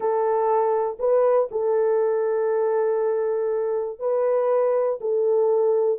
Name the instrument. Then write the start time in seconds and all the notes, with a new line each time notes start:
horn
0.00 A4
0.99 B4
1.51 A4
3.99 B4
5.00 A4